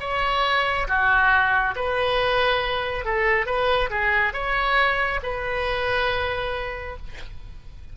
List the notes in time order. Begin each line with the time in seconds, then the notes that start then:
0.00 C#5
0.88 F#4
1.75 B4
3.05 A4
3.46 B4
3.90 G#4
4.33 C#5
5.23 B4